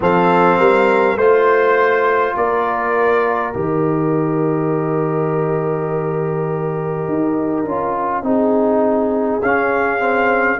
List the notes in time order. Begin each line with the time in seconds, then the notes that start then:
0.00 F3 C4 A4 F5
0.58 G3 A#4
1.15 A3 F4 C5
2.36 A#3 A#4 D5
3.52 D#3 G4 D#5
7.08 D#4
7.63 C#4 F4
8.22 C4 D#4 G#4
9.41 C#4 F5
9.99 C4